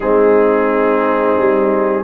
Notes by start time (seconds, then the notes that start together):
0.00 G#3 C4 D#4 G#4
1.37 G3